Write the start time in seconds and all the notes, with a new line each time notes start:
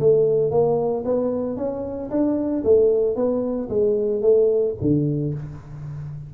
0.00 A3
0.51 A#3
1.05 B3
1.57 C#4
2.10 D4
2.64 A3
3.16 B3
3.69 G#3
4.22 A3
4.81 D3